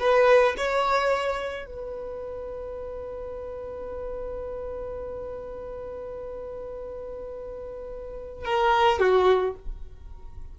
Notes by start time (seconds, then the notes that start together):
0.00 B4
0.58 C#5
1.66 B4
8.45 A#4
8.99 F#4